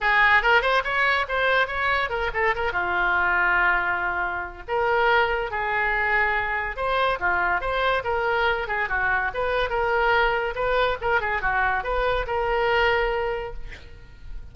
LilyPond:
\new Staff \with { instrumentName = "oboe" } { \time 4/4 \tempo 4 = 142 gis'4 ais'8 c''8 cis''4 c''4 | cis''4 ais'8 a'8 ais'8 f'4.~ | f'2. ais'4~ | ais'4 gis'2. |
c''4 f'4 c''4 ais'4~ | ais'8 gis'8 fis'4 b'4 ais'4~ | ais'4 b'4 ais'8 gis'8 fis'4 | b'4 ais'2. | }